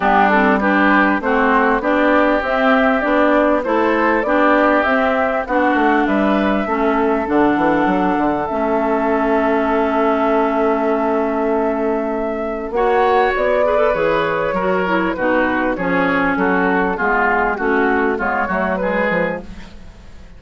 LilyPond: <<
  \new Staff \with { instrumentName = "flute" } { \time 4/4 \tempo 4 = 99 g'8 a'8 b'4 c''4 d''4 | e''4 d''4 c''4 d''4 | e''4 fis''4 e''2 | fis''2 e''2~ |
e''1~ | e''4 fis''4 d''4 cis''4~ | cis''4 b'4 cis''4 a'4 | gis'4 fis'4 cis''4 b'4 | }
  \new Staff \with { instrumentName = "oboe" } { \time 4/4 d'4 g'4 fis'4 g'4~ | g'2 a'4 g'4~ | g'4 fis'4 b'4 a'4~ | a'1~ |
a'1~ | a'4 cis''4. b'4. | ais'4 fis'4 gis'4 fis'4 | f'4 fis'4 f'8 fis'8 gis'4 | }
  \new Staff \with { instrumentName = "clarinet" } { \time 4/4 b8 c'8 d'4 c'4 d'4 | c'4 d'4 e'4 d'4 | c'4 d'2 cis'4 | d'2 cis'2~ |
cis'1~ | cis'4 fis'4. gis'16 a'16 gis'4 | fis'8 e'8 dis'4 cis'2 | b4 cis'4 b8 a8 gis4 | }
  \new Staff \with { instrumentName = "bassoon" } { \time 4/4 g2 a4 b4 | c'4 b4 a4 b4 | c'4 b8 a8 g4 a4 | d8 e8 fis8 d8 a2~ |
a1~ | a4 ais4 b4 e4 | fis4 b,4 f4 fis4 | gis4 a4 gis8 fis4 f8 | }
>>